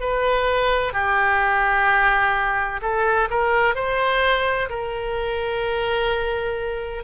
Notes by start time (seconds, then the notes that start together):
0.00 B4
0.93 G4
2.81 A4
3.30 A#4
3.75 C5
4.69 A#4